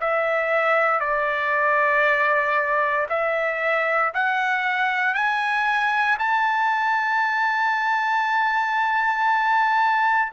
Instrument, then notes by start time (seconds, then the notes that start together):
trumpet
0.00 E5
0.99 D5
3.09 E5
4.13 F#5
5.14 G#5
6.18 A5